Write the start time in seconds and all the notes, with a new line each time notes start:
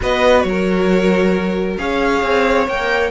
0.00 B3 F#4 B4 D#5
0.41 F#3 C#5
0.48 A#4
1.77 C#4 G#4 C#5 F5
2.22 C4
2.67 A#3 A#4 G5